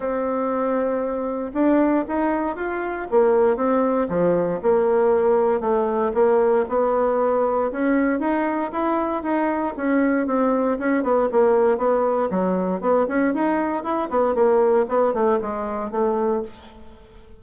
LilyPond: \new Staff \with { instrumentName = "bassoon" } { \time 4/4 \tempo 4 = 117 c'2. d'4 | dis'4 f'4 ais4 c'4 | f4 ais2 a4 | ais4 b2 cis'4 |
dis'4 e'4 dis'4 cis'4 | c'4 cis'8 b8 ais4 b4 | fis4 b8 cis'8 dis'4 e'8 b8 | ais4 b8 a8 gis4 a4 | }